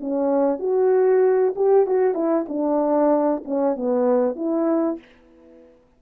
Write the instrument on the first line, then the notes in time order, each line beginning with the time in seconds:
horn
0.00 C#4
0.59 F#4
1.56 G4
1.86 F#4
2.14 E4
2.48 D4
3.44 C#4
3.76 B3
4.36 E4